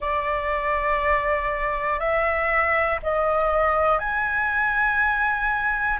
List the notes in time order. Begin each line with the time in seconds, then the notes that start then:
0.00 D5
1.99 E5
3.03 D#5
3.99 G#5